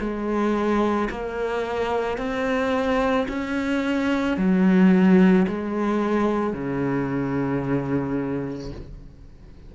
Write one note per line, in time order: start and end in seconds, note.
0.00 1.09 G#3
1.10 2.18 A#3
2.18 3.27 C4
3.28 4.37 C#4
4.37 5.46 F#3
5.47 6.53 G#3
6.53 8.71 C#3